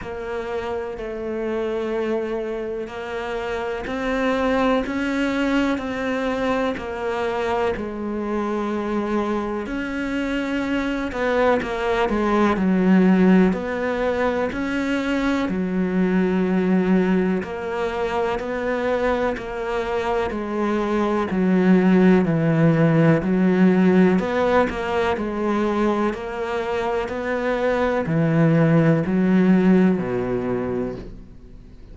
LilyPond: \new Staff \with { instrumentName = "cello" } { \time 4/4 \tempo 4 = 62 ais4 a2 ais4 | c'4 cis'4 c'4 ais4 | gis2 cis'4. b8 | ais8 gis8 fis4 b4 cis'4 |
fis2 ais4 b4 | ais4 gis4 fis4 e4 | fis4 b8 ais8 gis4 ais4 | b4 e4 fis4 b,4 | }